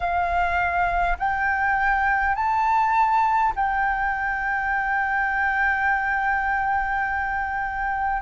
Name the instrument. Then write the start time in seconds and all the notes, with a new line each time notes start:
flute
0.00 F5
1.18 G5
2.35 A5
3.55 G5